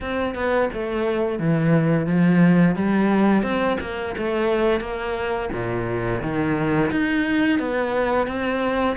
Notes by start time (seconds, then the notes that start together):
0.00 C4
0.34 B3
0.73 A3
1.39 E3
2.06 F3
2.75 G3
3.42 C4
3.80 A#3
4.17 A3
4.80 A#3
5.52 A#2
6.21 D#3
6.91 D#4
7.59 B3
8.27 C4